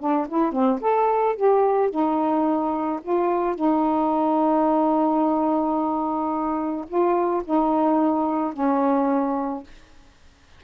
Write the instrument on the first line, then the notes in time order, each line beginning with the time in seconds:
saxophone
0.00 D4
0.29 E4
0.53 C4
0.82 A4
1.36 G4
1.91 D#4
3.03 F4
3.56 D#4
6.88 F4
7.45 D#4
8.54 C#4